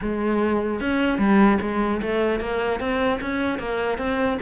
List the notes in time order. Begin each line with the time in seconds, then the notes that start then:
0.01 G#3
0.80 C#4
1.18 G3
1.61 G#3
2.01 A3
2.40 A#3
2.80 C4
3.21 C#4
3.58 A#3
3.98 C4